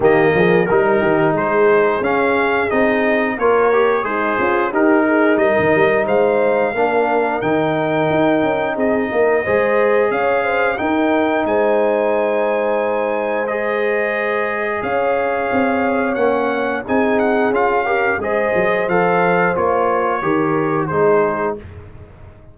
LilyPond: <<
  \new Staff \with { instrumentName = "trumpet" } { \time 4/4 \tempo 4 = 89 dis''4 ais'4 c''4 f''4 | dis''4 cis''4 c''4 ais'4 | dis''4 f''2 g''4~ | g''4 dis''2 f''4 |
g''4 gis''2. | dis''2 f''2 | fis''4 gis''8 fis''8 f''4 dis''4 | f''4 cis''2 c''4 | }
  \new Staff \with { instrumentName = "horn" } { \time 4/4 g'8 gis'8 ais'8 g'8 gis'2~ | gis'4 ais'4 dis'8 f'8 g'8 gis'8 | ais'4 c''4 ais'2~ | ais'4 gis'8 ais'8 c''4 cis''8 c''8 |
ais'4 c''2.~ | c''2 cis''2~ | cis''4 gis'4. ais'8 c''4~ | c''2 ais'4 gis'4 | }
  \new Staff \with { instrumentName = "trombone" } { \time 4/4 ais4 dis'2 cis'4 | dis'4 f'8 g'8 gis'4 dis'4~ | dis'2 d'4 dis'4~ | dis'2 gis'2 |
dis'1 | gis'1 | cis'4 dis'4 f'8 g'8 gis'4 | a'4 f'4 g'4 dis'4 | }
  \new Staff \with { instrumentName = "tuba" } { \time 4/4 dis8 f8 g8 dis8 gis4 cis'4 | c'4 ais4 gis8 cis'8 dis'4 | g16 dis16 g8 gis4 ais4 dis4 | dis'8 cis'8 c'8 ais8 gis4 cis'4 |
dis'4 gis2.~ | gis2 cis'4 c'4 | ais4 c'4 cis'4 gis8 fis8 | f4 ais4 dis4 gis4 | }
>>